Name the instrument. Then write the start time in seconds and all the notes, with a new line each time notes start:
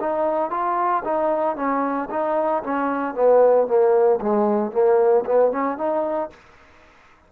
trombone
0.00 D#4
0.50 F4
1.04 D#4
1.56 C#4
2.10 D#4
2.63 C#4
3.14 B3
3.67 A#3
4.21 G#3
4.71 A#3
5.25 B3
5.52 C#4
5.78 D#4